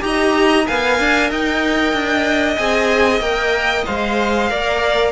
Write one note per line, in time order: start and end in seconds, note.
0.00 0.66 D#4
0.00 0.64 G4
0.00 0.67 D#5
0.00 0.67 A#5
0.67 0.99 B3
0.67 2.58 A#4
0.67 1.30 F5
0.67 1.31 G#5
0.99 1.30 D4
1.30 1.93 D#4
1.30 4.49 D#5
1.30 2.56 G5
1.93 2.57 D4
2.56 3.20 C4
2.56 3.21 G#4
2.56 3.20 G#5
3.20 3.84 A#3
3.20 3.86 A#4
3.20 3.84 G5
3.86 4.51 G#3
3.86 4.50 C5
3.86 5.12 F5
4.50 5.12 A#3
4.50 5.12 A#4
4.50 5.12 D5